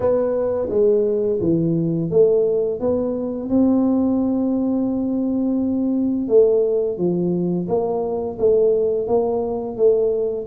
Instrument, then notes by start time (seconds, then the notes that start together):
tuba
0.00 B3
0.69 G#3
1.40 E3
2.10 A3
2.80 B3
3.49 C4
6.28 A3
6.97 F3
7.67 A#3
8.38 A3
9.07 A#3
9.76 A3